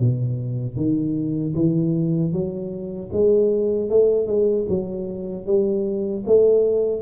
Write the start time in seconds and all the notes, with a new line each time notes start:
0.00 B2
0.77 D#3
1.55 E3
2.33 F#3
3.13 G#3
3.90 A3
4.27 G#3
4.69 F#3
5.46 G3
6.27 A3